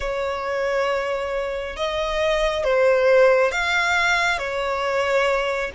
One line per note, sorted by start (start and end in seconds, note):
0.00 1.76 C#5
1.76 2.64 D#5
2.64 3.51 C5
3.51 4.38 F5
4.38 5.70 C#5